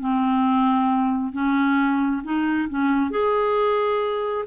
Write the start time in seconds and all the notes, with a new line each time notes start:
0.00 C4
1.33 C#4
2.24 D#4
2.70 C#4
3.11 G#4